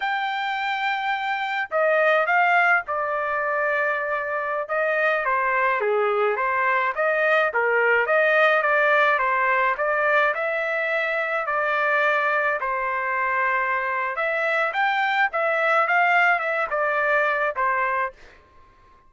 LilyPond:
\new Staff \with { instrumentName = "trumpet" } { \time 4/4 \tempo 4 = 106 g''2. dis''4 | f''4 d''2.~ | d''16 dis''4 c''4 gis'4 c''8.~ | c''16 dis''4 ais'4 dis''4 d''8.~ |
d''16 c''4 d''4 e''4.~ e''16~ | e''16 d''2 c''4.~ c''16~ | c''4 e''4 g''4 e''4 | f''4 e''8 d''4. c''4 | }